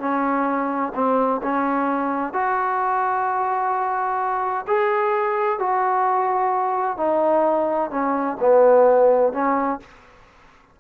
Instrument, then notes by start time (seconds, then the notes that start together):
trombone
0.00 C#4
0.95 C4
1.43 C#4
2.34 F#4
4.68 G#4
5.60 F#4
6.98 D#4
7.91 C#4
8.41 B3
9.33 C#4